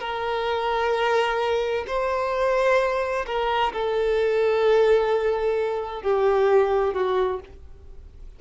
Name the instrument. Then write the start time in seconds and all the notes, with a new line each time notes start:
violin
0.00 A#4
1.87 C5
3.26 A#4
3.73 A4
6.02 G4
6.94 F#4